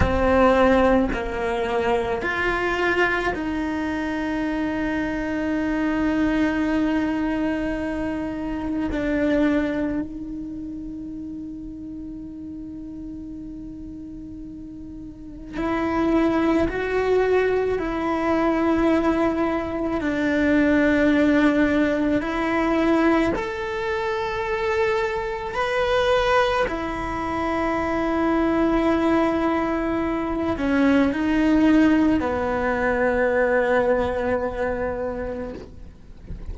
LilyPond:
\new Staff \with { instrumentName = "cello" } { \time 4/4 \tempo 4 = 54 c'4 ais4 f'4 dis'4~ | dis'1 | d'4 dis'2.~ | dis'2 e'4 fis'4 |
e'2 d'2 | e'4 a'2 b'4 | e'2.~ e'8 cis'8 | dis'4 b2. | }